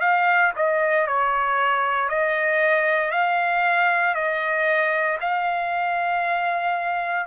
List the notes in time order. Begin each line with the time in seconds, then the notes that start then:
0.00 F5
0.56 D#5
1.07 C#5
2.09 D#5
3.11 F5
4.15 D#5
5.21 F5